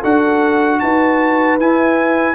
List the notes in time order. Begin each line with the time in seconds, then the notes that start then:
0.00 D4 F#4 A4 F#5
0.79 D#4 B4 A5
1.59 E4 G#5